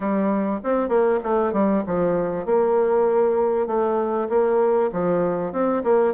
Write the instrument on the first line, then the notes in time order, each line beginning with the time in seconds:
bassoon
0.00 G3
0.63 C4
0.88 A#3
1.23 A3
1.53 G3
1.86 F3
2.45 A#3
3.66 A3
4.29 A#3
4.92 F3
5.52 C4
5.83 A#3